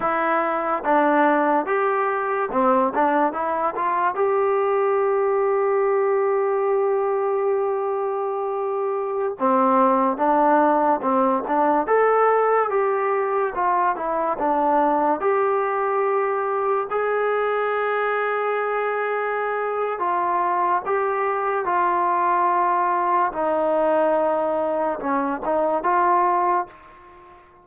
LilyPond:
\new Staff \with { instrumentName = "trombone" } { \time 4/4 \tempo 4 = 72 e'4 d'4 g'4 c'8 d'8 | e'8 f'8 g'2.~ | g'2.~ g'16 c'8.~ | c'16 d'4 c'8 d'8 a'4 g'8.~ |
g'16 f'8 e'8 d'4 g'4.~ g'16~ | g'16 gis'2.~ gis'8. | f'4 g'4 f'2 | dis'2 cis'8 dis'8 f'4 | }